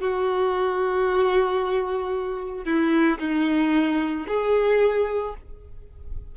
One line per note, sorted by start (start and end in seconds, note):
0.00 2.64 F#4
2.64 3.18 E4
3.19 4.26 D#4
4.28 5.35 G#4